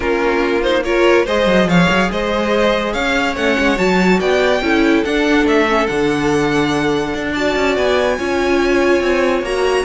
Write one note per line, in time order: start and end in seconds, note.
0.00 1.26 A#3
0.00 0.62 C#4
0.00 0.84 F4
0.00 0.62 A#4
0.62 0.83 D#4
0.62 0.83 C5
0.84 1.26 F4
0.84 1.25 A#4
0.84 1.26 C#5
1.25 1.46 G#3
1.25 3.36 G#4
1.25 1.67 C5
1.25 1.69 D#5
1.46 1.66 F#3
1.66 1.87 F3
1.66 2.10 C#5
1.66 2.11 F5
1.89 2.10 F#3
2.11 2.94 G#3
2.11 2.93 C5
2.11 2.93 D#5
2.93 3.35 C#4
2.93 4.19 C#5
2.93 3.35 F5
3.35 3.56 A3
3.35 3.77 C#4
3.35 3.77 F#5
3.59 3.78 G#3
3.77 4.20 F#3
3.77 4.60 F#4
3.77 4.19 A5
4.19 4.61 B3
4.19 4.61 D5
4.19 5.03 G5
4.61 5.03 C#4
4.61 5.04 E4
4.61 7.32 A4
5.04 5.67 D4
5.04 5.45 D4
5.04 5.46 F#5
5.45 5.87 A3
5.45 5.86 E5
5.68 5.88 C#4
5.86 7.14 D3
5.86 7.34 D4
5.86 7.33 F#5
7.14 7.56 D4
7.32 8.19 F#4
7.32 8.16 D5
7.32 7.76 A5
7.56 7.76 C#4
7.76 8.18 B3
7.76 9.44 G#5
8.17 9.00 C#4
8.17 9.44 F4
8.17 9.85 C#5
9.00 9.42 C4
9.42 9.84 A#3
9.42 9.85 F#4
9.42 9.85 A#5